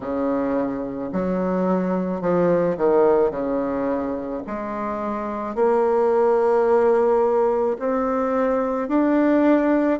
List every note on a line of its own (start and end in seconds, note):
0.00 1.10 C#3
1.12 2.21 F#3
2.21 2.76 F3
2.77 3.30 D#3
3.30 4.41 C#3
4.46 5.55 G#3
5.55 7.77 A#3
7.79 8.88 C4
8.88 9.99 D4